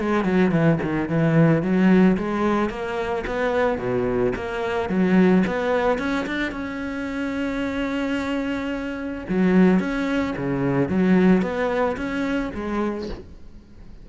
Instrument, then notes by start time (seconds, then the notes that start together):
cello
0.00 G#3
0.25 F#3
0.52 E3
0.83 D#3
1.09 E3
1.63 F#3
2.18 G#3
2.70 A#3
3.27 B3
3.79 B2
4.36 A#3
4.89 F#3
5.47 B3
5.99 C#4
6.27 D4
6.52 C#4
9.29 F#3
9.80 C#4
10.37 C#3
10.89 F#3
11.42 B3
11.97 C#4
12.55 G#3